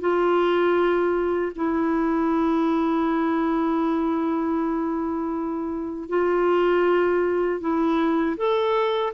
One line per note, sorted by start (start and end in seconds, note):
0.00 1.52 F4
1.55 6.09 E4
6.09 7.60 F4
7.60 8.36 E4
8.36 9.12 A4